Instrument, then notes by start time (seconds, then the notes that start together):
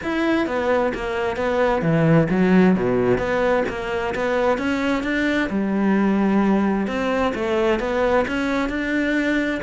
cello
0.03 E4
0.46 B3
0.94 A#3
1.36 B3
1.82 E3
2.29 F#3
2.75 B2
3.17 B3
3.68 A#3
4.15 B3
4.58 C#4
5.03 D4
5.49 G3
6.87 C4
7.34 A3
7.79 B3
8.27 C#4
8.69 D4